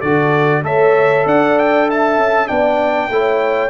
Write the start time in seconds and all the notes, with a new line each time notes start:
0.00 D3 F#4 A4 D5
0.63 A3 A4 C#5 E5
1.26 D4 D5 F#5
1.59 G5
1.89 E5 A5
2.18 C#4
2.48 B3 D4 D5 G5
3.09 A3 E4 C#5